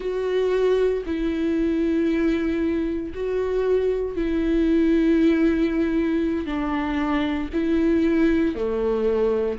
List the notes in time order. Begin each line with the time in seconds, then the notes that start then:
0.00 F#4
1.06 E4
3.14 F#4
4.16 E4
6.46 D4
7.53 E4
8.55 A3